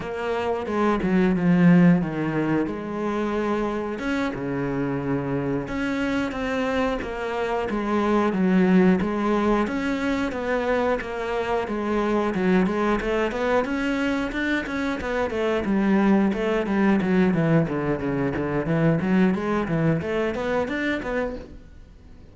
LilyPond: \new Staff \with { instrumentName = "cello" } { \time 4/4 \tempo 4 = 90 ais4 gis8 fis8 f4 dis4 | gis2 cis'8 cis4.~ | cis8 cis'4 c'4 ais4 gis8~ | gis8 fis4 gis4 cis'4 b8~ |
b8 ais4 gis4 fis8 gis8 a8 | b8 cis'4 d'8 cis'8 b8 a8 g8~ | g8 a8 g8 fis8 e8 d8 cis8 d8 | e8 fis8 gis8 e8 a8 b8 d'8 b8 | }